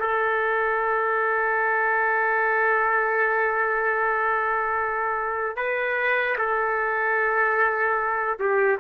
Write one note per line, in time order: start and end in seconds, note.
0.00 5.57 A4
5.57 6.37 B4
6.38 8.38 A4
8.39 8.79 G4